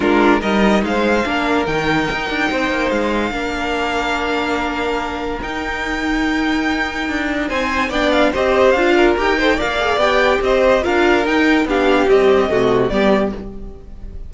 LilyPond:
<<
  \new Staff \with { instrumentName = "violin" } { \time 4/4 \tempo 4 = 144 ais'4 dis''4 f''2 | g''2. f''4~ | f''1~ | f''4 g''2.~ |
g''2 gis''4 g''8 f''8 | dis''4 f''4 g''4 f''4 | g''4 dis''4 f''4 g''4 | f''4 dis''2 d''4 | }
  \new Staff \with { instrumentName = "violin" } { \time 4/4 f'4 ais'4 c''4 ais'4~ | ais'2 c''2 | ais'1~ | ais'1~ |
ais'2 c''4 d''4 | c''4. ais'4 c''8 d''4~ | d''4 c''4 ais'2 | g'2 fis'4 g'4 | }
  \new Staff \with { instrumentName = "viola" } { \time 4/4 d'4 dis'2 d'4 | dis'1 | d'1~ | d'4 dis'2.~ |
dis'2. d'4 | g'4 f'4 g'8 a'8 ais'8 gis'8 | g'2 f'4 dis'4 | d'4 g4 a4 b4 | }
  \new Staff \with { instrumentName = "cello" } { \time 4/4 gis4 g4 gis4 ais4 | dis4 dis'8 d'8 c'8 ais8 gis4 | ais1~ | ais4 dis'2.~ |
dis'4 d'4 c'4 b4 | c'4 d'4 dis'4 ais4 | b4 c'4 d'4 dis'4 | b4 c'4 c4 g4 | }
>>